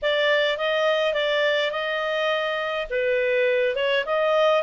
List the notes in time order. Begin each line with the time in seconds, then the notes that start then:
0.02 D5
0.57 D#5
1.13 D5
1.71 D#5
2.90 B4
3.75 C#5
4.05 D#5